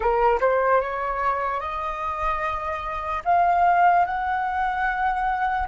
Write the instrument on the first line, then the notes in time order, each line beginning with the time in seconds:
flute
0.00 A#4
0.40 C5
0.81 C#5
1.60 D#5
3.24 F5
4.05 F#5